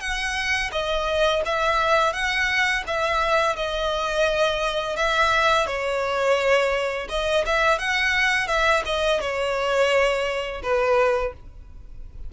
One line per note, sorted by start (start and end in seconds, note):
0.00 0.71 F#5
0.72 1.42 D#5
1.45 2.13 E5
2.13 2.83 F#5
2.87 3.56 E5
3.56 4.96 D#5
4.96 5.67 E5
5.67 7.08 C#5
7.09 7.44 D#5
7.46 7.79 E5
7.79 8.48 F#5
8.48 8.83 E5
8.86 9.21 D#5
9.21 10.62 C#5
10.63 11.33 B4